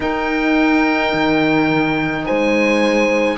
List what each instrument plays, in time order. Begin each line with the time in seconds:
0.00 cello D#4, saxophone D#4, horn A#4, oboe G5
1.13 cello D#3
2.25 cello G#3, horn C5, oboe G#5